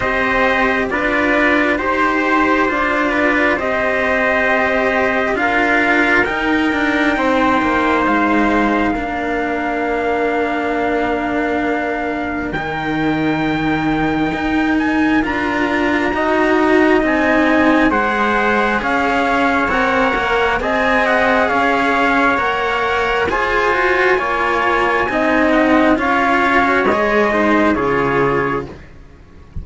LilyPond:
<<
  \new Staff \with { instrumentName = "trumpet" } { \time 4/4 \tempo 4 = 67 dis''4 d''4 c''4 d''4 | dis''2 f''4 g''4~ | g''4 f''2.~ | f''2 g''2~ |
g''8 gis''8 ais''2 gis''4 | fis''4 f''4 fis''4 gis''8 fis''8 | f''4 fis''4 gis''2~ | gis''8 fis''8 f''4 dis''4 cis''4 | }
  \new Staff \with { instrumentName = "trumpet" } { \time 4/4 c''4 b'4 c''4. b'8 | c''2 ais'2 | c''2 ais'2~ | ais'1~ |
ais'2 dis''2 | c''4 cis''2 dis''4 | cis''2 c''4 cis''4 | dis''4 cis''4. c''8 gis'4 | }
  \new Staff \with { instrumentName = "cello" } { \time 4/4 g'4 f'4 g'4 f'4 | g'2 f'4 dis'4~ | dis'2 d'2~ | d'2 dis'2~ |
dis'4 f'4 fis'4 dis'4 | gis'2 ais'4 gis'4~ | gis'4 ais'4 gis'8 fis'8 f'4 | dis'4 f'8. fis'16 gis'8 dis'8 f'4 | }
  \new Staff \with { instrumentName = "cello" } { \time 4/4 c'4 d'4 dis'4 d'4 | c'2 d'4 dis'8 d'8 | c'8 ais8 gis4 ais2~ | ais2 dis2 |
dis'4 d'4 dis'4 c'4 | gis4 cis'4 c'8 ais8 c'4 | cis'4 ais4 f'4 ais4 | c'4 cis'4 gis4 cis4 | }
>>